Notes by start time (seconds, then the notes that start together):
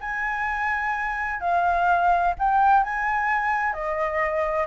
0.00 G#5
1.40 F5
2.39 G5
2.83 G#5
3.73 D#5